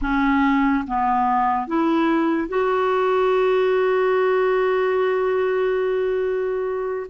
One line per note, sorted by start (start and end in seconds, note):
0.01 0.84 C#4
0.87 1.67 B3
1.67 2.48 E4
2.48 7.06 F#4